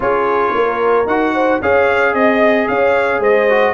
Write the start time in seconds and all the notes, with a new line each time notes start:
0.00 C#4 F4 G#4 C#5
0.54 A#3 A#4
1.06 D#4 F#4 F#5
1.34 C5
1.61 C#4 G#4 C#5 F5
2.13 C4 D#5
2.67 C#4 C#5 F5
3.19 G#3 C5 D#5
3.49 F#4